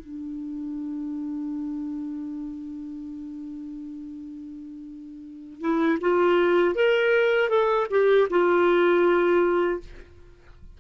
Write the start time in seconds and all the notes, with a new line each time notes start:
0.00 D4
5.61 E4
6.01 F4
6.75 A#4
7.50 A4
7.91 G4
8.30 F4